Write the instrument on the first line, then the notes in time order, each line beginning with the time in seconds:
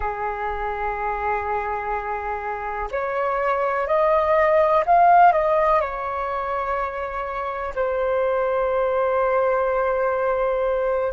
flute
0.00 G#4
2.91 C#5
3.87 D#5
4.86 F5
5.32 D#5
5.80 C#5
7.75 C5